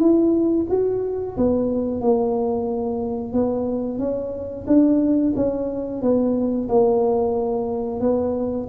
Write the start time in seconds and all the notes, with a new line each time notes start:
0.00 E4
0.70 F#4
1.37 B3
2.02 A#3
3.33 B3
3.99 C#4
4.67 D4
5.36 C#4
6.02 B3
6.69 A#3
8.01 B3